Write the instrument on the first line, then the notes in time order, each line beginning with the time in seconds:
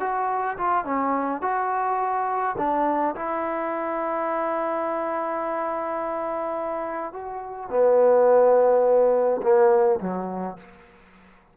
trombone
0.00 F#4
0.58 F4
0.85 C#4
1.42 F#4
2.58 D4
3.16 E4
7.13 F#4
7.70 B3
9.43 A#3
10.00 F#3